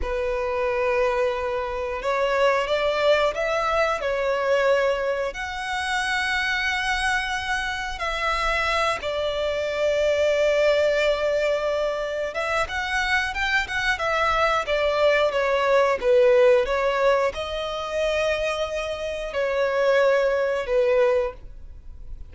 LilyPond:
\new Staff \with { instrumentName = "violin" } { \time 4/4 \tempo 4 = 90 b'2. cis''4 | d''4 e''4 cis''2 | fis''1 | e''4. d''2~ d''8~ |
d''2~ d''8 e''8 fis''4 | g''8 fis''8 e''4 d''4 cis''4 | b'4 cis''4 dis''2~ | dis''4 cis''2 b'4 | }